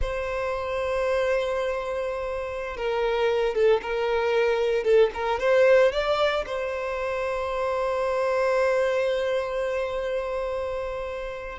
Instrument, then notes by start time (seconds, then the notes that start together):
violin
0.01 C5
2.76 A#4
3.54 A4
3.82 A#4
4.83 A4
5.14 A#4
5.39 C5
5.92 D5
6.46 C5